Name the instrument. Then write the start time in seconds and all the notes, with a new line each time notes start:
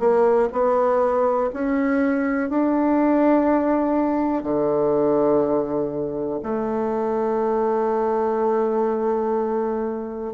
bassoon
0.00 A#3
0.53 B3
1.53 C#4
2.50 D4
4.44 D3
6.43 A3